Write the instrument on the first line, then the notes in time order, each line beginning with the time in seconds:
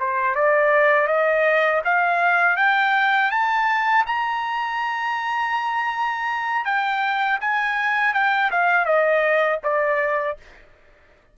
trumpet
0.00 C5
0.35 D5
1.07 D#5
1.85 F5
2.57 G5
3.31 A5
4.06 A#5
6.65 G5
7.41 G#5
8.13 G5
8.51 F5
8.86 D#5
9.63 D5